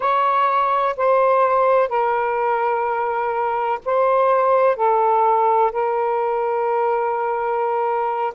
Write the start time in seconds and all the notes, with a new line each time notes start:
0.00 C#5
0.96 C5
1.88 A#4
3.85 C5
4.76 A4
5.71 A#4